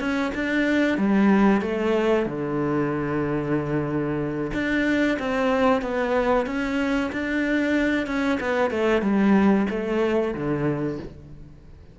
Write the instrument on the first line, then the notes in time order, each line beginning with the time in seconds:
cello
0.00 C#4
0.35 D4
0.98 G3
1.62 A3
2.26 D3
4.54 D4
5.19 C4
5.82 B3
6.47 C#4
7.12 D4
8.07 C#4
8.40 B3
8.71 A3
9.02 G3
9.70 A3
10.34 D3